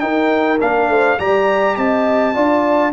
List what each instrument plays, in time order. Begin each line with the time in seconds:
0.00 trombone D#4, tuba D#4, horn A#4, trumpet G5
0.60 tuba A#3, trombone D4, trumpet F5
0.89 tuba A3, horn C5
1.19 tuba G3, trombone G4, horn D5, trumpet A#5
1.76 tuba C4, horn D#5, trumpet A5
2.34 tuba D4, trombone F4, horn D5